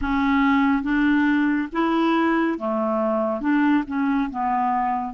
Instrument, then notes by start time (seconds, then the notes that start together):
clarinet
0.01 C#4
0.82 D4
1.72 E4
2.58 A3
3.41 D4
3.86 C#4
4.30 B3